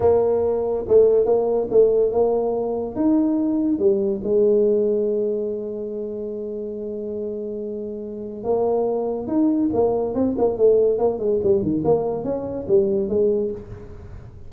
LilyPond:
\new Staff \with { instrumentName = "tuba" } { \time 4/4 \tempo 4 = 142 ais2 a4 ais4 | a4 ais2 dis'4~ | dis'4 g4 gis2~ | gis1~ |
gis1 | ais2 dis'4 ais4 | c'8 ais8 a4 ais8 gis8 g8 dis8 | ais4 cis'4 g4 gis4 | }